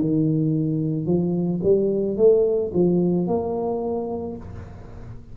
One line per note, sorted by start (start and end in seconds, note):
0.00 1.06 D#3
1.06 1.60 F3
1.63 2.17 G3
2.17 2.71 A3
2.73 3.27 F3
3.27 4.36 A#3